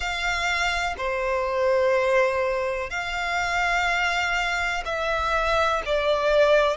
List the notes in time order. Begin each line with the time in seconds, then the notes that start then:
0.00 F5
0.97 C5
2.89 F5
4.85 E5
5.85 D5